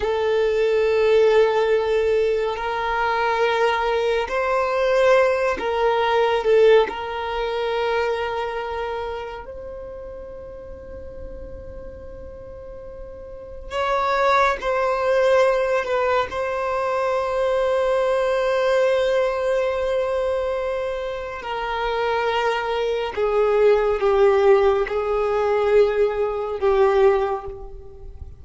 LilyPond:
\new Staff \with { instrumentName = "violin" } { \time 4/4 \tempo 4 = 70 a'2. ais'4~ | ais'4 c''4. ais'4 a'8 | ais'2. c''4~ | c''1 |
cis''4 c''4. b'8 c''4~ | c''1~ | c''4 ais'2 gis'4 | g'4 gis'2 g'4 | }